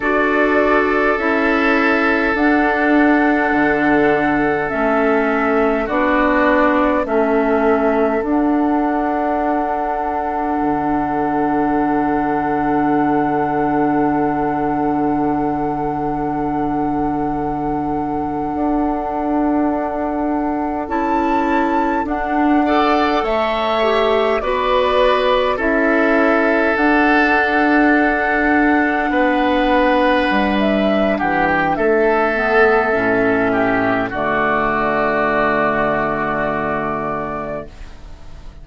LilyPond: <<
  \new Staff \with { instrumentName = "flute" } { \time 4/4 \tempo 4 = 51 d''4 e''4 fis''2 | e''4 d''4 e''4 fis''4~ | fis''1~ | fis''1~ |
fis''4.~ fis''16 a''4 fis''4 e''16~ | e''8. d''4 e''4 fis''4~ fis''16~ | fis''2 e''8 fis''16 g''16 e''4~ | e''4 d''2. | }
  \new Staff \with { instrumentName = "oboe" } { \time 4/4 a'1~ | a'4 fis'4 a'2~ | a'1~ | a'1~ |
a'2.~ a'16 d''8 cis''16~ | cis''8. b'4 a'2~ a'16~ | a'8. b'4.~ b'16 g'8 a'4~ | a'8 g'8 fis'2. | }
  \new Staff \with { instrumentName = "clarinet" } { \time 4/4 fis'4 e'4 d'2 | cis'4 d'4 cis'4 d'4~ | d'1~ | d'1~ |
d'4.~ d'16 e'4 d'8 a'8.~ | a'16 g'8 fis'4 e'4 d'4~ d'16~ | d'2.~ d'8 b8 | cis'4 a2. | }
  \new Staff \with { instrumentName = "bassoon" } { \time 4/4 d'4 cis'4 d'4 d4 | a4 b4 a4 d'4~ | d'4 d2.~ | d2.~ d8. d'16~ |
d'4.~ d'16 cis'4 d'4 a16~ | a8. b4 cis'4 d'4~ d'16~ | d'8. b4 g8. e8 a4 | a,4 d2. | }
>>